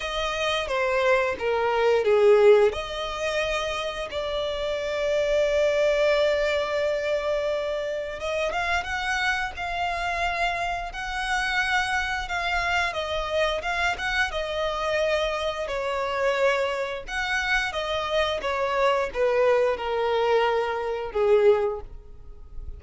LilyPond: \new Staff \with { instrumentName = "violin" } { \time 4/4 \tempo 4 = 88 dis''4 c''4 ais'4 gis'4 | dis''2 d''2~ | d''1 | dis''8 f''8 fis''4 f''2 |
fis''2 f''4 dis''4 | f''8 fis''8 dis''2 cis''4~ | cis''4 fis''4 dis''4 cis''4 | b'4 ais'2 gis'4 | }